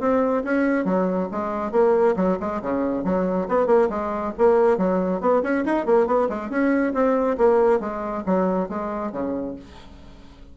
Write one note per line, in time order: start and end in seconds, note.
0.00 0.43 C4
0.44 0.85 C#4
0.85 1.29 F#3
1.32 1.72 G#3
1.72 2.15 A#3
2.17 2.38 F#3
2.40 2.62 G#3
2.62 3.04 C#3
3.04 3.48 F#3
3.49 3.67 B3
3.67 3.89 A#3
3.90 4.33 G#3
4.38 4.78 A#3
4.78 5.21 F#3
5.21 5.43 B3
5.43 5.65 C#4
5.65 5.86 D#4
5.86 6.07 A#3
6.07 6.29 B3
6.29 6.50 G#3
6.50 6.93 C#4
6.94 7.38 C4
7.38 7.80 A#3
7.80 8.24 G#3
8.26 8.69 F#3
8.69 9.12 G#3
9.12 9.56 C#3